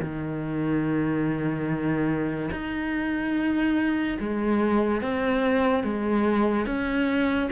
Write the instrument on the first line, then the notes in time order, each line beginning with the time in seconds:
cello
0.00 D#3
2.52 D#4
4.20 G#3
5.02 C4
5.84 G#3
6.66 C#4